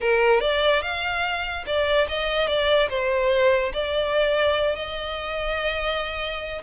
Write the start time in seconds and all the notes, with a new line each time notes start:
0.00 A#4
0.40 D5
0.81 F5
1.66 D5
2.08 D#5
2.47 D5
2.89 C5
3.73 D5
4.75 D#5